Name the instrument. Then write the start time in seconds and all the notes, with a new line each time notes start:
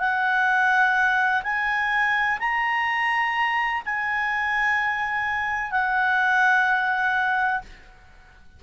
clarinet
0.00 F#5
1.43 G#5
2.40 A#5
3.85 G#5
5.71 F#5